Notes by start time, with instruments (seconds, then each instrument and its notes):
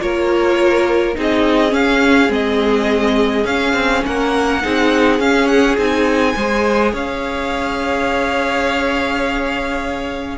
0.00 cello A#3, viola F4, violin A#4 C#5
1.15 cello C4, viola D#4, violin G#4
1.21 violin D#5
1.70 viola C#4, cello C#4, violin F5
2.29 cello G#3, viola C4, violin D#5
3.45 cello C#4, viola C#4, violin F5
3.73 cello C4
4.06 cello A#3, violin A#4 F#5
4.62 cello C4, viola D#4, violin G#4
5.20 viola C#4, cello C#4, violin F5
5.47 violin F#5
5.78 cello C4, viola D#4, violin G#5
6.35 cello G#3, viola G#4, violin C5
6.93 cello C#4, violin C#5 F5